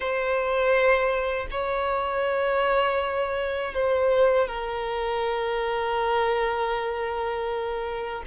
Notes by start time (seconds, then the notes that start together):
0.00 C5
1.50 C#5
3.74 C5
4.47 A#4